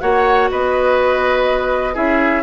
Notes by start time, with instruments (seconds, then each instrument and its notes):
0.00 bassoon A#3, clarinet F#4, oboe C#5, flute F#5
0.51 bassoon B3, oboe B4, flute D#5
1.94 bassoon C#4, clarinet E4, oboe G#4, flute E5